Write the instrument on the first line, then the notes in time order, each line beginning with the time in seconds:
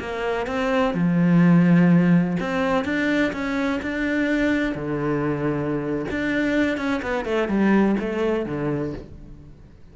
cello
0.00 A#3
0.47 C4
0.94 F3
2.40 C4
2.85 D4
3.33 C#4
3.82 D4
4.75 D3
6.11 D4
6.77 C#4
7.02 B3
7.25 A3
7.48 G3
8.00 A3
8.46 D3